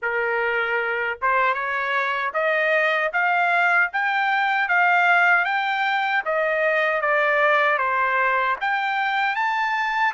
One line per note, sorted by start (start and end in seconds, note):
0.02 1.19 A#4
1.21 1.54 C5
1.54 2.32 C#5
2.33 3.11 D#5
3.12 3.90 F5
3.92 4.68 G5
4.68 5.44 F5
5.44 6.22 G5
6.25 7.01 D#5
7.01 7.78 D5
7.78 8.56 C5
8.61 9.35 G5
9.35 10.13 A5